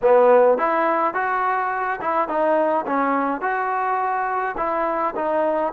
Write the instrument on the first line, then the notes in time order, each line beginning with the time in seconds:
trombone
0.02 B3
0.57 E4
1.14 F#4
2.01 E4
2.28 D#4
2.86 C#4
3.41 F#4
4.57 E4
5.15 D#4